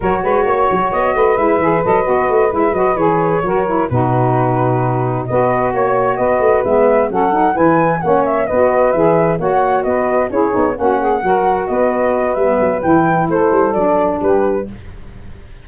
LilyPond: <<
  \new Staff \with { instrumentName = "flute" } { \time 4/4 \tempo 4 = 131 cis''2 dis''4 e''4 | dis''4. e''8 dis''8 cis''4.~ | cis''8 b'2. dis''8~ | dis''8 cis''4 dis''4 e''4 fis''8~ |
fis''8 gis''4 fis''8 e''8 dis''4 e''8~ | e''8 fis''4 dis''4 cis''4 fis''8~ | fis''4. dis''4. e''4 | g''4 c''4 d''4 b'4 | }
  \new Staff \with { instrumentName = "saxophone" } { \time 4/4 ais'8 b'8 cis''4. b'4.~ | b'2.~ b'8 ais'8~ | ais'8 fis'2. b'8~ | b'8 cis''4 b'2 a'8~ |
a'8 b'4 cis''4 b'4.~ | b'8 cis''4 b'4 gis'4 fis'8 | gis'8 ais'4 b'2~ b'8~ | b'4 a'2 g'4 | }
  \new Staff \with { instrumentName = "saxophone" } { \time 4/4 fis'2. e'8 gis'8 | a'8 fis'4 e'8 fis'8 gis'4 fis'8 | e'8 dis'2. fis'8~ | fis'2~ fis'8 b4 cis'8 |
dis'8 e'4 cis'4 fis'4 gis'8~ | gis'8 fis'2 e'8 dis'8 cis'8~ | cis'8 fis'2~ fis'8 b4 | e'2 d'2 | }
  \new Staff \with { instrumentName = "tuba" } { \time 4/4 fis8 gis8 ais8 fis8 b8 a8 gis8 e8 | fis8 b8 a8 gis8 fis8 e4 fis8~ | fis8 b,2. b8~ | b8 ais4 b8 a8 gis4 fis8~ |
fis8 e4 ais4 b4 e8~ | e8 ais4 b4 cis'8 b8 ais8~ | ais8 fis4 b4. g8 fis8 | e4 a8 g8 fis4 g4 | }
>>